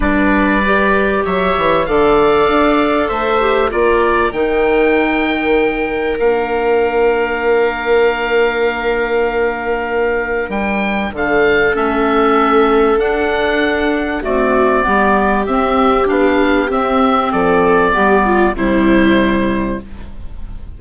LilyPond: <<
  \new Staff \with { instrumentName = "oboe" } { \time 4/4 \tempo 4 = 97 d''2 e''4 f''4~ | f''4 e''4 d''4 g''4~ | g''2 f''2~ | f''1~ |
f''4 g''4 f''4 e''4~ | e''4 fis''2 d''4~ | d''4 e''4 f''4 e''4 | d''2 c''2 | }
  \new Staff \with { instrumentName = "viola" } { \time 4/4 b'2 cis''4 d''4~ | d''4 c''4 ais'2~ | ais'1~ | ais'1~ |
ais'2 a'2~ | a'2. fis'4 | g'1 | a'4 g'8 f'8 e'2 | }
  \new Staff \with { instrumentName = "clarinet" } { \time 4/4 d'4 g'2 a'4~ | a'4. g'8 f'4 dis'4~ | dis'2 d'2~ | d'1~ |
d'2. cis'4~ | cis'4 d'2 a4 | b4 c'4 d'4 c'4~ | c'4 b4 g2 | }
  \new Staff \with { instrumentName = "bassoon" } { \time 4/4 g2 fis8 e8 d4 | d'4 a4 ais4 dis4~ | dis2 ais2~ | ais1~ |
ais4 g4 d4 a4~ | a4 d'2 c'4 | g4 c'4 b4 c'4 | f4 g4 c2 | }
>>